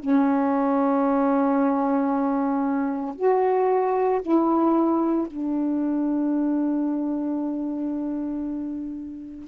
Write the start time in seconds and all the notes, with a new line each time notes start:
0.00 C#4
3.16 F#4
4.22 E4
5.28 D4